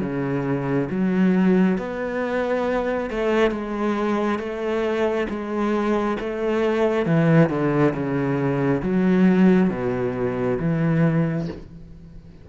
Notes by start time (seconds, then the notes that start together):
0.00 C#3
0.90 F#3
1.78 B3
3.10 A3
3.51 G#3
4.38 A3
5.29 G#3
6.20 A3
7.05 E3
7.49 D3
7.93 C#3
8.82 F#3
9.70 B2
10.59 E3